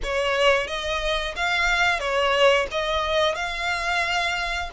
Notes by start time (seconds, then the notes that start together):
0.03 C#5
0.67 D#5
1.35 F5
1.99 C#5
2.71 D#5
3.35 F5